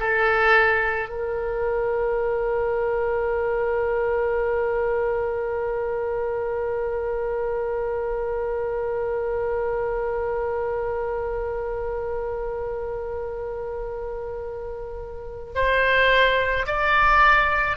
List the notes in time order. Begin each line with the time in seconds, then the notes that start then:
0.00 A4
1.09 A#4
15.56 C5
16.67 D5